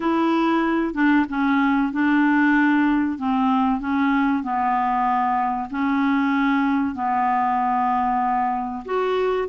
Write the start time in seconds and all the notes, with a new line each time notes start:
0.00 E4
0.94 D4
1.29 C#4
1.92 D4
3.18 C4
3.80 C#4
4.43 B3
5.70 C#4
6.94 B3
8.85 F#4